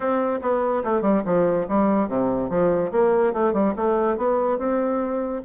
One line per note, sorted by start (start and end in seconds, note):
0.00 0.39 C4
0.41 0.83 B3
0.84 1.01 A3
1.01 1.22 G3
1.25 1.66 F3
1.68 2.08 G3
2.08 2.49 C3
2.49 2.91 F3
2.91 3.33 A#3
3.33 3.53 A3
3.53 3.73 G3
3.76 4.17 A3
4.17 4.58 B3
4.58 5.41 C4